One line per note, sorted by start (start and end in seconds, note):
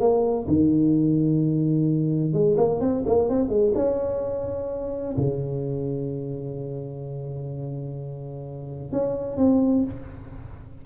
0.00 0.47 A#3
0.48 2.33 D#3
2.33 2.57 G#3
2.57 2.80 A#3
2.80 3.04 C4
3.06 3.29 A#3
3.29 3.49 C4
3.49 3.72 G#3
3.75 5.15 C#4
5.17 8.92 C#3
8.92 9.37 C#4
9.37 9.84 C4